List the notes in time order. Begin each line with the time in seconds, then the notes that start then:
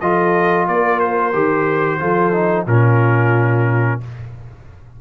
0.00 F3 F4 A4 D#5
0.68 A#3 A#4 D5
0.99 C5
1.33 D#3 G4
1.99 F3 F4 A4
2.33 D#4
2.66 A#2 C#4 F4 A#4